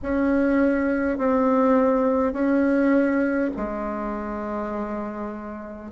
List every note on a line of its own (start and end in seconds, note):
0.02 1.18 C#4
1.18 2.33 C4
2.33 3.50 C#4
3.56 5.91 G#3